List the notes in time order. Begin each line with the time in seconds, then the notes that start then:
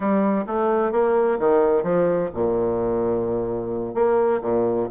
0.00 G3
0.46 A3
0.92 A#3
1.39 D#3
1.83 F3
2.34 A#2
3.94 A#3
4.41 A#2